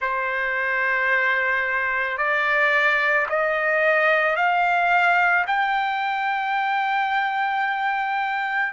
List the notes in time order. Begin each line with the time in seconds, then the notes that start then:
0.00 C5
2.17 D5
3.29 D#5
4.36 F5
5.46 G5